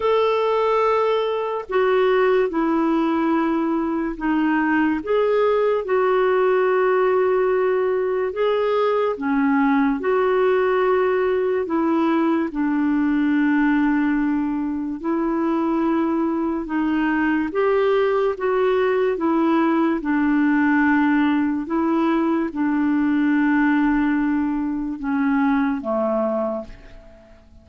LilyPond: \new Staff \with { instrumentName = "clarinet" } { \time 4/4 \tempo 4 = 72 a'2 fis'4 e'4~ | e'4 dis'4 gis'4 fis'4~ | fis'2 gis'4 cis'4 | fis'2 e'4 d'4~ |
d'2 e'2 | dis'4 g'4 fis'4 e'4 | d'2 e'4 d'4~ | d'2 cis'4 a4 | }